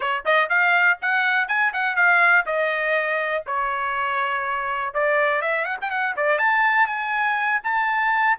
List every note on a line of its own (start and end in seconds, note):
0.00 0.24 C#5
0.25 0.49 D#5
0.49 0.98 F5
1.01 1.48 F#5
1.48 1.72 G#5
1.73 1.96 F#5
1.96 2.45 F5
2.45 3.44 D#5
3.46 4.94 C#5
4.94 5.41 D5
5.41 5.64 E5
5.64 5.77 F#5
5.81 5.90 G5
5.90 6.15 F#5
6.16 6.38 D5
6.38 6.87 A5
6.87 7.60 G#5
7.63 8.37 A5